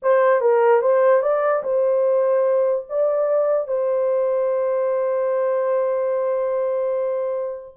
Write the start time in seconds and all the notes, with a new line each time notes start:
0.02 C5
0.40 A#4
0.81 C5
1.22 D5
1.63 C5
2.89 D5
3.67 C5